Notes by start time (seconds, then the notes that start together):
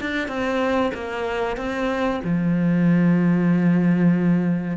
0.00 D4
0.28 C4
0.93 A#3
1.57 C4
2.24 F3